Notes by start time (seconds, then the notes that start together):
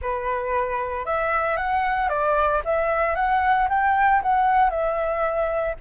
0.01 B4
1.05 E5
1.56 F#5
2.09 D5
2.65 E5
3.15 F#5
3.69 G5
4.22 F#5
4.70 E5